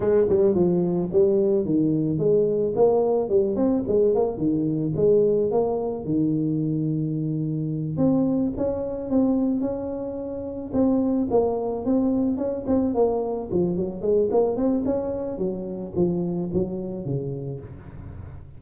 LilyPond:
\new Staff \with { instrumentName = "tuba" } { \time 4/4 \tempo 4 = 109 gis8 g8 f4 g4 dis4 | gis4 ais4 g8 c'8 gis8 ais8 | dis4 gis4 ais4 dis4~ | dis2~ dis8 c'4 cis'8~ |
cis'8 c'4 cis'2 c'8~ | c'8 ais4 c'4 cis'8 c'8 ais8~ | ais8 f8 fis8 gis8 ais8 c'8 cis'4 | fis4 f4 fis4 cis4 | }